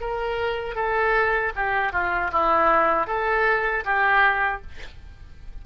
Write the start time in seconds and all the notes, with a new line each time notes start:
0.00 A#4
0.75 A4
1.55 G4
1.92 F4
2.31 E4
3.07 A4
3.85 G4